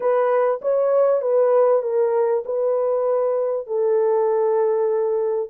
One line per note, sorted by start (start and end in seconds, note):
0.00 0.60 B4
0.61 1.21 C#5
1.21 1.82 B4
1.82 2.43 A#4
2.45 3.67 B4
3.67 5.49 A4